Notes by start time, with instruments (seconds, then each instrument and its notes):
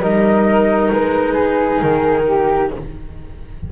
0.00 double bass G3, cello D#4, flute A#4 D#5
0.91 double bass G#3, flute B4
1.33 flute G#4
1.81 double bass D#3, flute A#4
2.27 flute G4